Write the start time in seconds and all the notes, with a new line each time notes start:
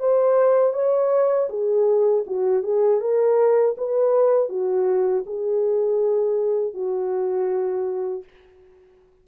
0.00 C5
0.74 C#5
1.50 G#4
2.27 F#4
2.63 G#4
3.01 A#4
3.78 B4
4.49 F#4
5.26 G#4
6.74 F#4